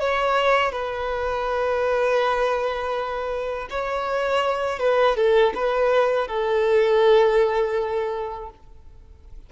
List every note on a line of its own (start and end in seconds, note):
0.00 0.72 C#5
0.72 3.68 B4
3.70 4.79 C#5
4.79 5.16 B4
5.16 5.53 A4
5.55 6.28 B4
6.28 8.50 A4